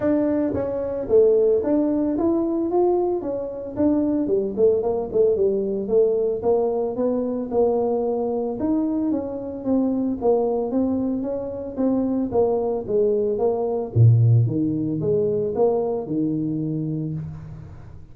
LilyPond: \new Staff \with { instrumentName = "tuba" } { \time 4/4 \tempo 4 = 112 d'4 cis'4 a4 d'4 | e'4 f'4 cis'4 d'4 | g8 a8 ais8 a8 g4 a4 | ais4 b4 ais2 |
dis'4 cis'4 c'4 ais4 | c'4 cis'4 c'4 ais4 | gis4 ais4 ais,4 dis4 | gis4 ais4 dis2 | }